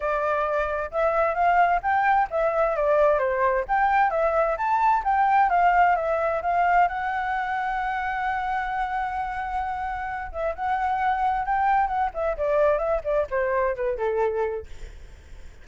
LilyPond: \new Staff \with { instrumentName = "flute" } { \time 4/4 \tempo 4 = 131 d''2 e''4 f''4 | g''4 e''4 d''4 c''4 | g''4 e''4 a''4 g''4 | f''4 e''4 f''4 fis''4~ |
fis''1~ | fis''2~ fis''8 e''8 fis''4~ | fis''4 g''4 fis''8 e''8 d''4 | e''8 d''8 c''4 b'8 a'4. | }